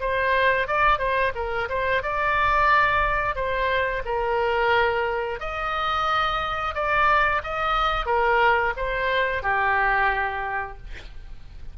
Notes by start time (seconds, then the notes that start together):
0.00 C5
0.67 D5
0.99 C5
1.35 A#4
1.69 C5
2.03 D5
3.35 C5
4.05 A#4
5.40 D#5
6.74 D5
7.43 D#5
8.06 A#4
8.77 C5
9.42 G4